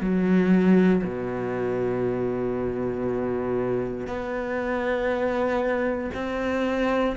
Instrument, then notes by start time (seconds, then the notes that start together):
cello
0.00 F#3
1.03 B2
4.06 B3
6.14 C4